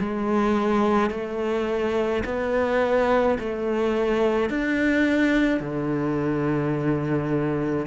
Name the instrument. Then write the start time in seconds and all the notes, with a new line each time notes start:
cello
0.00 G#3
1.11 A3
2.25 B3
3.40 A3
4.50 D4
5.60 D3